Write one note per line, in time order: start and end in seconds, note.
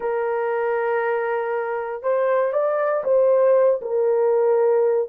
0.00 2.02 A#4
2.02 2.52 C5
2.52 3.03 D5
3.04 3.80 C5
3.81 5.08 A#4